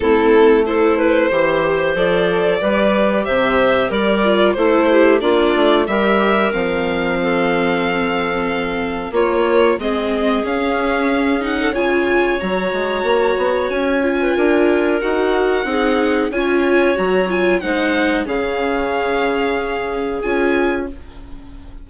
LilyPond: <<
  \new Staff \with { instrumentName = "violin" } { \time 4/4 \tempo 4 = 92 a'4 c''2 d''4~ | d''4 e''4 d''4 c''4 | d''4 e''4 f''2~ | f''2 cis''4 dis''4 |
f''4. fis''8 gis''4 ais''4~ | ais''4 gis''2 fis''4~ | fis''4 gis''4 ais''8 gis''8 fis''4 | f''2. gis''4 | }
  \new Staff \with { instrumentName = "clarinet" } { \time 4/4 e'4 a'8 b'8 c''2 | b'4 c''4 ais'4 a'8 g'8 | f'4 ais'2 a'4~ | a'2 f'4 gis'4~ |
gis'4.~ gis'16 a'16 cis''2~ | cis''4.~ cis''16 b'16 ais'2 | gis'4 cis''2 c''4 | gis'1 | }
  \new Staff \with { instrumentName = "viola" } { \time 4/4 c'4 e'4 g'4 a'4 | g'2~ g'8 f'8 e'4 | d'4 g'4 c'2~ | c'2 ais4 c'4 |
cis'4. dis'8 f'4 fis'4~ | fis'4. f'4. fis'4 | dis'4 f'4 fis'8 f'8 dis'4 | cis'2. f'4 | }
  \new Staff \with { instrumentName = "bassoon" } { \time 4/4 a2 e4 f4 | g4 c4 g4 a4 | ais8 a8 g4 f2~ | f2 ais4 gis4 |
cis'2 cis4 fis8 gis8 | ais8 b8 cis'4 d'4 dis'4 | c'4 cis'4 fis4 gis4 | cis2. cis'4 | }
>>